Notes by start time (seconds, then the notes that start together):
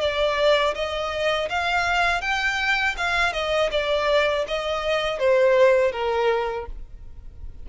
0.00 D5
0.74 D#5
1.49 F5
2.21 G5
2.97 F5
3.32 D#5
3.71 D5
4.47 D#5
5.19 C5
5.92 A#4